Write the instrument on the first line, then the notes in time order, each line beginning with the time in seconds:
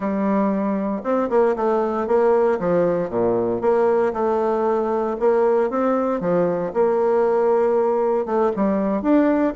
bassoon
0.00 G3
1.03 C4
1.29 A#3
1.56 A3
2.07 A#3
2.59 F3
3.09 A#2
3.61 A#3
4.13 A3
5.19 A#3
5.70 C4
6.20 F3
6.73 A#3
8.25 A3
8.56 G3
9.02 D4